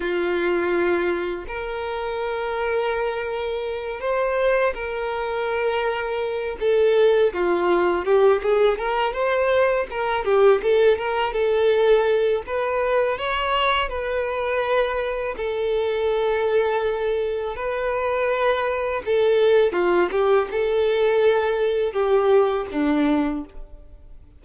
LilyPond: \new Staff \with { instrumentName = "violin" } { \time 4/4 \tempo 4 = 82 f'2 ais'2~ | ais'4. c''4 ais'4.~ | ais'4 a'4 f'4 g'8 gis'8 | ais'8 c''4 ais'8 g'8 a'8 ais'8 a'8~ |
a'4 b'4 cis''4 b'4~ | b'4 a'2. | b'2 a'4 f'8 g'8 | a'2 g'4 d'4 | }